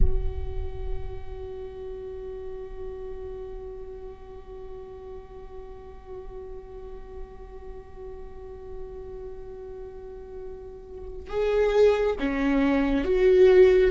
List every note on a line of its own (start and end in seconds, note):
0.00 11.28 F#4
11.28 12.15 G#4
12.19 13.04 C#4
13.04 13.91 F#4